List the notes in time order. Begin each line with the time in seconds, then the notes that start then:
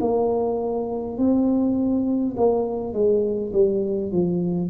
0.00 A#3
1.18 C4
2.37 A#3
2.93 G#3
3.52 G3
4.11 F3